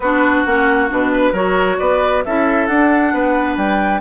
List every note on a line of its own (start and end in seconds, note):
0.00 0.44 B3
0.00 0.46 D4
0.00 1.12 F#4
0.00 0.43 B4
0.44 0.90 A#3
0.44 0.89 C#4
0.44 0.89 F#5
0.89 1.32 B2
0.89 1.33 D4
0.89 1.35 B4
1.12 1.32 B4
1.32 1.77 F#3
1.32 2.24 F#4
1.32 1.77 A#4
1.32 1.78 C#5
1.78 2.25 B3
1.78 2.24 B4
1.78 2.23 D5
2.24 2.68 C#4
2.24 2.70 E4
2.24 3.13 A4
2.24 2.66 E5
2.66 3.13 D4
2.66 4.01 D4
2.66 3.56 F#5
3.13 3.56 B3
3.13 4.01 B4
3.56 4.01 G3
3.56 4.01 G5